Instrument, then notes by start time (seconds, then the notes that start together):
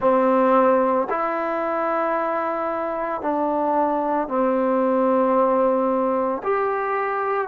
trombone
0.00 C4
1.10 E4
3.21 D4
4.28 C4
6.43 G4